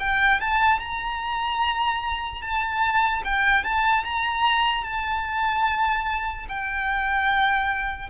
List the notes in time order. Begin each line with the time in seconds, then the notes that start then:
0.00 G5
0.41 A5
0.80 A#5
2.42 A5
3.25 G5
3.64 A5
4.04 A#5
4.84 A5
6.49 G5